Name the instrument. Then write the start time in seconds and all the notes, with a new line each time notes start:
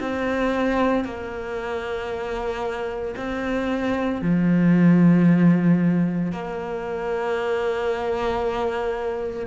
cello
0.00 C4
1.04 A#3
3.16 C4
4.22 F3
6.32 A#3